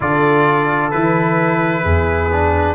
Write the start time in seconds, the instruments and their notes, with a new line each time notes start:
0.00 tuba D3, trombone F4, horn A4, trumpet D5
0.90 tuba E3, trombone E4, trumpet B4
1.83 tuba E2, horn G#4
2.32 trombone D4